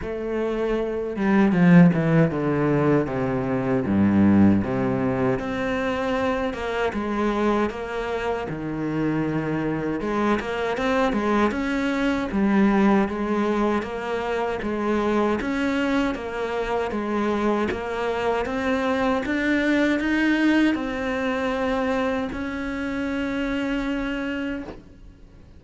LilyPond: \new Staff \with { instrumentName = "cello" } { \time 4/4 \tempo 4 = 78 a4. g8 f8 e8 d4 | c4 g,4 c4 c'4~ | c'8 ais8 gis4 ais4 dis4~ | dis4 gis8 ais8 c'8 gis8 cis'4 |
g4 gis4 ais4 gis4 | cis'4 ais4 gis4 ais4 | c'4 d'4 dis'4 c'4~ | c'4 cis'2. | }